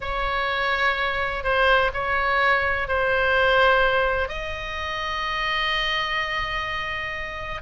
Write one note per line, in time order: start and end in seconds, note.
0.01 1.43 C#5
1.43 1.91 C5
1.93 2.88 C#5
2.88 4.28 C5
4.28 7.61 D#5